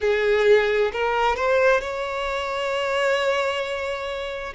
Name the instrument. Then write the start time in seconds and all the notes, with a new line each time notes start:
violin
0.00 G#4
0.92 A#4
1.36 C5
1.81 C#5